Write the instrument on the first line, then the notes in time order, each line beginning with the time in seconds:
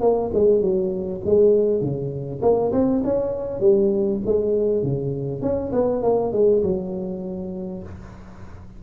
tuba
0.00 A#3
0.33 G#3
0.61 F#3
1.25 G#3
1.81 C#3
2.41 A#3
2.72 C4
3.04 C#4
3.60 G3
4.25 G#3
4.82 C#3
5.42 C#4
5.72 B3
6.02 A#3
6.32 G#3
6.63 F#3